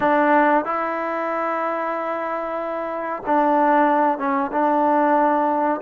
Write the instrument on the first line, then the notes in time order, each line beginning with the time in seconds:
trombone
0.00 D4
0.65 E4
3.26 D4
4.18 C#4
4.52 D4